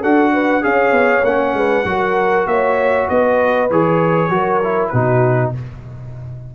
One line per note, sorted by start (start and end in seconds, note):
0.00 0.64 D4
0.00 0.61 F#4
0.00 0.31 A4
0.00 0.63 F#5
0.33 0.63 B4
0.61 0.91 C#4
0.61 1.22 G#4
0.61 1.56 C#5
0.61 1.24 F5
0.91 1.22 B3
1.23 1.53 A#3
1.23 1.85 C#4
1.23 2.47 F#5
1.53 1.84 G#3
1.53 1.87 B4
1.84 2.46 F#3
1.84 3.69 F#4
1.84 2.49 A#4
2.46 3.07 A#3
2.46 3.08 C#5
2.46 3.08 E5
3.08 3.70 B3
3.08 4.30 B4
3.08 3.70 D#5
3.70 4.29 E3
3.70 4.30 G#4
3.70 4.88 C#5
4.29 4.90 F#3
4.29 4.60 F#4
4.29 4.91 A#4
4.63 4.93 E4
4.88 5.54 B2
4.88 5.54 D#4
4.88 5.52 F#4
4.88 5.49 B4